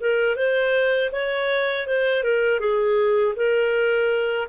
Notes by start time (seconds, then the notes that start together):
0.00 A#4
0.36 C5
1.12 C#5
1.87 C5
2.23 A#4
2.60 G#4
3.36 A#4